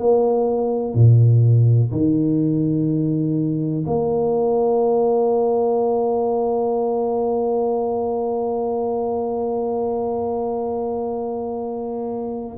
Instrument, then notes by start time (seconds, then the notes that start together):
tuba
0.00 A#3
0.95 A#2
1.92 D#3
3.87 A#3